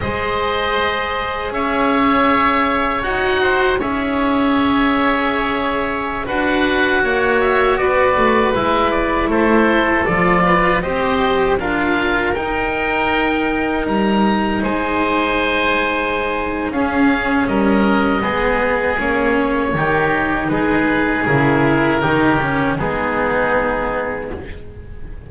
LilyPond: <<
  \new Staff \with { instrumentName = "oboe" } { \time 4/4 \tempo 4 = 79 dis''2 e''2 | fis''4 e''2.~ | e''16 fis''4. e''8 d''4 e''8 d''16~ | d''16 c''4 d''4 dis''4 f''8.~ |
f''16 g''2 ais''4 gis''8.~ | gis''2 f''4 dis''4~ | dis''4 cis''2 b'4 | ais'2 gis'2 | }
  \new Staff \with { instrumentName = "oboe" } { \time 4/4 c''2 cis''2~ | cis''8 c''8 cis''2.~ | cis''16 b'4 cis''4 b'4.~ b'16~ | b'16 a'4. b'8 c''4 ais'8.~ |
ais'2.~ ais'16 c''8.~ | c''2 gis'4 ais'4 | gis'2 g'4 gis'4~ | gis'4 g'4 dis'2 | }
  \new Staff \with { instrumentName = "cello" } { \time 4/4 gis'1 | fis'4 gis'2.~ | gis'16 fis'2. e'8.~ | e'4~ e'16 f'4 g'4 f'8.~ |
f'16 dis'2.~ dis'8.~ | dis'2 cis'2 | b4 cis'4 dis'2 | e'4 dis'8 cis'8 b2 | }
  \new Staff \with { instrumentName = "double bass" } { \time 4/4 gis2 cis'2 | dis'4 cis'2.~ | cis'16 d'4 ais4 b8 a8 gis8.~ | gis16 a4 f4 c'4 d'8.~ |
d'16 dis'2 g4 gis8.~ | gis2 cis'4 g4 | gis4 ais4 dis4 gis4 | cis4 dis4 gis2 | }
>>